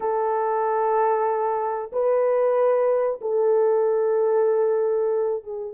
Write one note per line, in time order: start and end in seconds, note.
0.00 1.91 A4
1.92 3.20 B4
3.21 5.43 A4
5.43 5.73 G#4